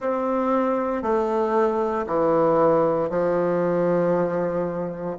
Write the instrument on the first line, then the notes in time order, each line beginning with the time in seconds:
bassoon
0.00 C4
1.02 A3
2.06 E3
3.09 F3